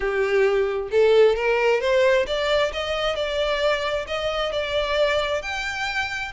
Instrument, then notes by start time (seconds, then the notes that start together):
violin
0.00 G4
0.91 A4
1.36 A#4
1.80 C5
2.26 D5
2.72 D#5
3.15 D5
4.07 D#5
4.52 D5
5.42 G5